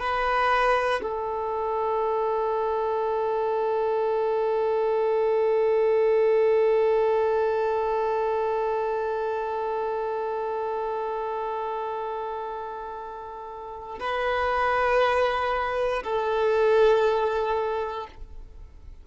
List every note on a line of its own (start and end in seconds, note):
0.00 1.02 B4
1.03 13.99 A4
14.00 16.04 B4
16.04 18.07 A4